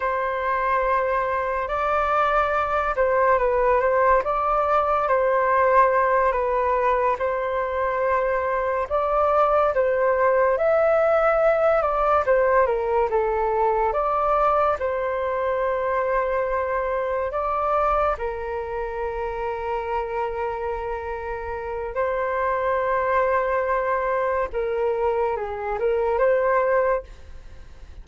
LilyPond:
\new Staff \with { instrumentName = "flute" } { \time 4/4 \tempo 4 = 71 c''2 d''4. c''8 | b'8 c''8 d''4 c''4. b'8~ | b'8 c''2 d''4 c''8~ | c''8 e''4. d''8 c''8 ais'8 a'8~ |
a'8 d''4 c''2~ c''8~ | c''8 d''4 ais'2~ ais'8~ | ais'2 c''2~ | c''4 ais'4 gis'8 ais'8 c''4 | }